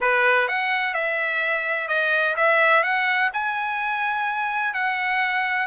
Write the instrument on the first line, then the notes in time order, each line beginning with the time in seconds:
trumpet
0.00 B4
0.48 F#5
0.94 E5
1.88 D#5
2.36 E5
2.83 F#5
3.33 G#5
4.74 F#5